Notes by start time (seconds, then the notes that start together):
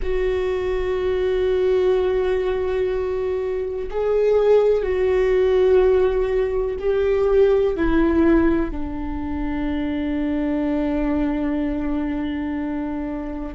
0.02 F#4
3.90 G#4
4.83 F#4
6.79 G4
7.76 E4
8.71 D4